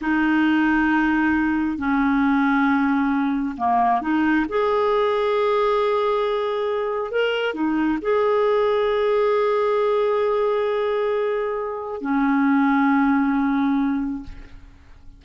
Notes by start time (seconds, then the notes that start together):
0.01 D#4
1.78 C#4
3.57 A#3
4.01 D#4
4.48 G#4
7.11 A#4
7.54 D#4
8.01 G#4
12.01 C#4